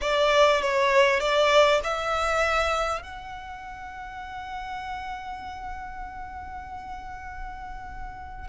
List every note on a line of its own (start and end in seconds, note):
0.01 0.61 D5
0.61 1.20 C#5
1.20 1.80 D5
1.83 3.02 E5
3.02 8.48 F#5